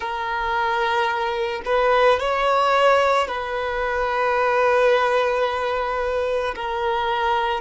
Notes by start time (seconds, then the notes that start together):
0.00 A#4
1.65 B4
2.19 C#5
3.27 B4
6.55 A#4